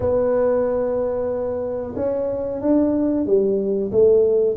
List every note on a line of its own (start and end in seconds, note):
0.00 1.94 B3
1.96 2.61 C#4
2.61 3.25 D4
3.25 3.91 G3
3.91 4.56 A3